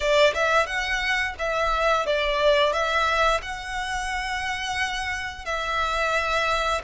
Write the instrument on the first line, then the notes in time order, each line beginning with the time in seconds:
violin
0.00 D5
0.33 E5
0.66 F#5
1.38 E5
2.06 D5
2.72 E5
3.42 F#5
5.45 E5